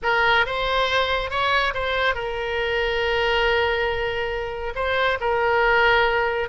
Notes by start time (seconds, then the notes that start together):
0.02 A#4
0.45 C5
1.30 C#5
1.74 C5
2.14 A#4
4.75 C5
5.20 A#4